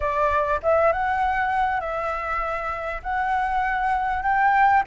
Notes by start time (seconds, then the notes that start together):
0.00 D5
0.62 E5
0.92 F#5
1.80 E5
3.02 F#5
4.22 G5